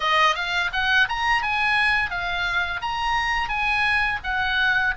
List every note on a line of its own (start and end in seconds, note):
0.00 0.35 D#5
0.35 0.70 F5
0.73 1.08 F#5
1.08 1.42 A#5
1.42 2.10 G#5
2.10 2.80 F5
2.81 3.48 A#5
3.48 4.19 G#5
4.24 4.94 F#5